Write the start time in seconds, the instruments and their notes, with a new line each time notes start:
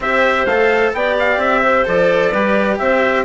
0.00 bassoon C4, cello G4, clarinet C5, trumpet E5
0.46 bassoon A3, cello A4, trumpet F5
0.93 bassoon B3, cello G4, clarinet D5, trumpet G5
1.19 trumpet F5
1.37 bassoon C4, trumpet E5
1.62 clarinet C5
1.85 bassoon F3, cello A4, trumpet D5
2.30 bassoon G3, cello G4, clarinet B4
2.78 bassoon C4, clarinet C5, trumpet E5